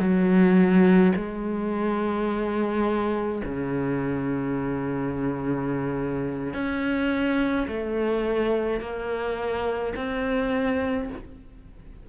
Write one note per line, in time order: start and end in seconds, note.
0.00 1.13 F#3
1.16 3.43 G#3
3.45 6.54 C#3
6.54 7.67 C#4
7.68 8.81 A3
8.81 9.94 A#3
9.97 11.10 C4